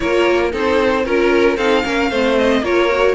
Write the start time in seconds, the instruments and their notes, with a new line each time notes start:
0.00 cello A#3, viola F4, violin A#4 C#5
0.51 cello C4, viola D#4, violin A4
0.57 violin C5
1.05 cello C#4, viola F4, violin A#4
1.57 cello C4, viola D#4, violin A4 F5
1.83 cello A#3, viola C#4, violin A#4
2.09 cello A3, viola C4, violin C5
2.37 violin D#5
2.61 cello A#3, viola F4, violin A#4 C#5
2.90 viola F#4